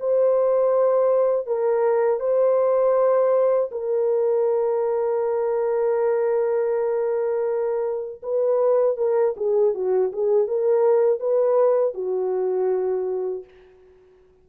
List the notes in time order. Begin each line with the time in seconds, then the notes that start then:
0.00 C5
1.47 A#4
2.20 C5
3.72 A#4
8.23 B4
8.97 A#4
9.37 G#4
9.74 F#4
10.12 G#4
10.48 A#4
11.20 B4
11.95 F#4